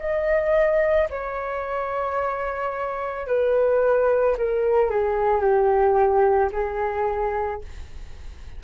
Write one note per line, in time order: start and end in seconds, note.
0.00 1.09 D#5
1.10 3.27 C#5
3.27 4.36 B4
4.38 4.90 A#4
4.90 5.41 G#4
5.41 6.51 G4
6.53 7.62 G#4